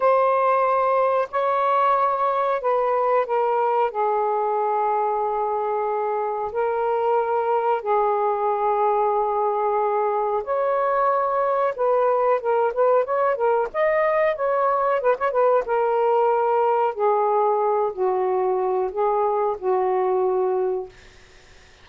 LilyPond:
\new Staff \with { instrumentName = "saxophone" } { \time 4/4 \tempo 4 = 92 c''2 cis''2 | b'4 ais'4 gis'2~ | gis'2 ais'2 | gis'1 |
cis''2 b'4 ais'8 b'8 | cis''8 ais'8 dis''4 cis''4 b'16 cis''16 b'8 | ais'2 gis'4. fis'8~ | fis'4 gis'4 fis'2 | }